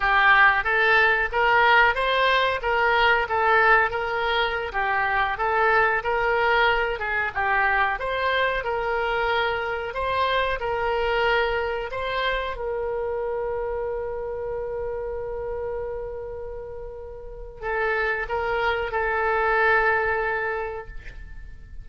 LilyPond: \new Staff \with { instrumentName = "oboe" } { \time 4/4 \tempo 4 = 92 g'4 a'4 ais'4 c''4 | ais'4 a'4 ais'4~ ais'16 g'8.~ | g'16 a'4 ais'4. gis'8 g'8.~ | g'16 c''4 ais'2 c''8.~ |
c''16 ais'2 c''4 ais'8.~ | ais'1~ | ais'2. a'4 | ais'4 a'2. | }